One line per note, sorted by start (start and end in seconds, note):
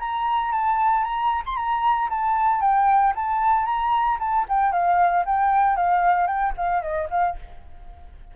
0.00 0.52 A#5
0.52 1.04 A5
1.04 1.43 A#5
1.46 1.57 C6
1.57 2.10 A#5
2.10 2.61 A5
2.61 3.14 G5
3.16 3.66 A5
3.66 4.18 A#5
4.20 4.46 A5
4.49 4.73 G5
4.73 5.25 F5
5.26 5.77 G5
5.77 6.27 F5
6.27 6.54 G5
6.58 6.83 F5
6.83 7.09 D#5
7.11 7.37 F5